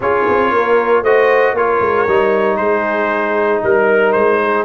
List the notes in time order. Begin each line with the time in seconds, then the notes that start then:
0.00 C#4 F4 G#4 C#5
0.28 C4
0.51 A#3 A#4
1.01 A3 F#4 C5 D#5
1.53 A#3 F4 A#4 C#5
1.80 G#3
2.07 G3 D#4
2.57 G#3 G#4 C5
3.63 G3 A#4
4.12 G#3 C5
4.43 G#4